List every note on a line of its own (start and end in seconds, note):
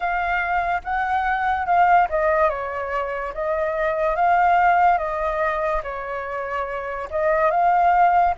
0.00 0.81 F5
0.83 1.66 F#5
1.66 2.07 F5
2.09 2.49 D#5
2.49 3.33 C#5
3.33 4.15 D#5
4.15 4.98 F5
4.98 5.81 D#5
5.83 7.08 C#5
7.10 7.50 D#5
7.50 8.34 F5